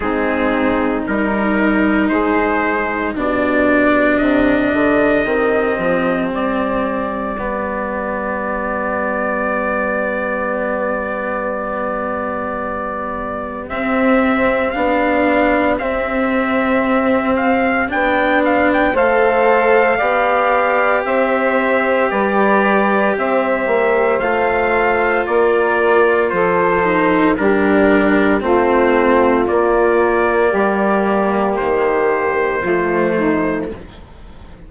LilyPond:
<<
  \new Staff \with { instrumentName = "trumpet" } { \time 4/4 \tempo 4 = 57 gis'4 ais'4 c''4 d''4 | dis''2 d''2~ | d''1~ | d''4 e''4 f''4 e''4~ |
e''8 f''8 g''8 f''16 g''16 f''2 | e''4 d''4 e''4 f''4 | d''4 c''4 ais'4 c''4 | d''2 c''2 | }
  \new Staff \with { instrumentName = "saxophone" } { \time 4/4 dis'2 gis'4 g'4~ | g'1~ | g'1~ | g'1~ |
g'2 c''4 d''4 | c''4 b'4 c''2 | ais'4 a'4 g'4 f'4~ | f'4 g'2 f'8 dis'8 | }
  \new Staff \with { instrumentName = "cello" } { \time 4/4 c'4 dis'2 d'4~ | d'4 c'2 b4~ | b1~ | b4 c'4 d'4 c'4~ |
c'4 d'4 a'4 g'4~ | g'2. f'4~ | f'4. dis'8 d'4 c'4 | ais2. a4 | }
  \new Staff \with { instrumentName = "bassoon" } { \time 4/4 gis4 g4 gis4 b,4 | c8 d8 dis8 f8 g2~ | g1~ | g4 c'4 b4 c'4~ |
c'4 b4 a4 b4 | c'4 g4 c'8 ais8 a4 | ais4 f4 g4 a4 | ais4 g4 dis4 f4 | }
>>